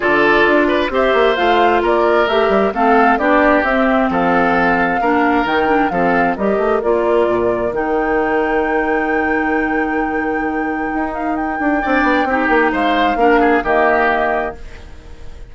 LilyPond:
<<
  \new Staff \with { instrumentName = "flute" } { \time 4/4 \tempo 4 = 132 d''2 e''4 f''4 | d''4 e''4 f''4 d''4 | e''4 f''2. | g''4 f''4 dis''4 d''4~ |
d''4 g''2.~ | g''1~ | g''8 f''8 g''2. | f''2 dis''2 | }
  \new Staff \with { instrumentName = "oboe" } { \time 4/4 a'4. b'8 c''2 | ais'2 a'4 g'4~ | g'4 a'2 ais'4~ | ais'4 a'4 ais'2~ |
ais'1~ | ais'1~ | ais'2 d''4 g'4 | c''4 ais'8 gis'8 g'2 | }
  \new Staff \with { instrumentName = "clarinet" } { \time 4/4 f'2 g'4 f'4~ | f'4 g'4 c'4 d'4 | c'2. d'4 | dis'8 d'8 c'4 g'4 f'4~ |
f'4 dis'2.~ | dis'1~ | dis'2 d'4 dis'4~ | dis'4 d'4 ais2 | }
  \new Staff \with { instrumentName = "bassoon" } { \time 4/4 d4 d'4 c'8 ais8 a4 | ais4 a8 g8 a4 b4 | c'4 f2 ais4 | dis4 f4 g8 a8 ais4 |
ais,4 dis2.~ | dis1 | dis'4. d'8 c'8 b8 c'8 ais8 | gis4 ais4 dis2 | }
>>